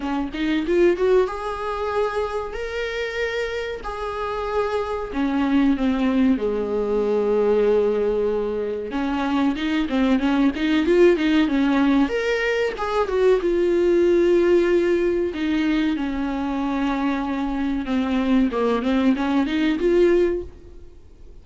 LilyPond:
\new Staff \with { instrumentName = "viola" } { \time 4/4 \tempo 4 = 94 cis'8 dis'8 f'8 fis'8 gis'2 | ais'2 gis'2 | cis'4 c'4 gis2~ | gis2 cis'4 dis'8 c'8 |
cis'8 dis'8 f'8 dis'8 cis'4 ais'4 | gis'8 fis'8 f'2. | dis'4 cis'2. | c'4 ais8 c'8 cis'8 dis'8 f'4 | }